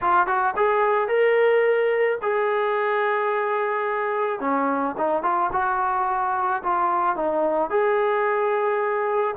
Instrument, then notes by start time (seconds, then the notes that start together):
trombone
0.01 F4
0.27 F#4
0.56 G#4
1.08 A#4
2.21 G#4
4.40 C#4
4.97 D#4
5.23 F4
5.52 F#4
6.63 F4
7.16 D#4
7.70 G#4